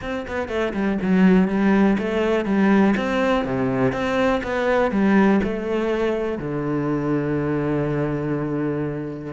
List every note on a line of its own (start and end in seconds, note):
0.01 0.26 C4
0.27 0.48 B3
0.48 0.73 A3
0.73 0.98 G3
1.01 1.48 F#3
1.48 1.97 G3
1.98 2.45 A3
2.45 2.94 G3
2.96 3.44 C4
3.44 3.92 C3
3.92 4.41 C4
4.43 4.91 B3
4.91 5.40 G3
5.43 6.38 A3
6.38 9.33 D3